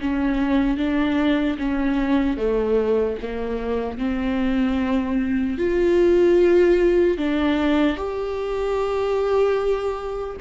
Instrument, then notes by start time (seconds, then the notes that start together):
viola
0.00 C#4
0.77 D4
1.58 C#4
2.37 A3
3.22 A#3
3.98 C4
5.58 F4
7.17 D4
7.97 G4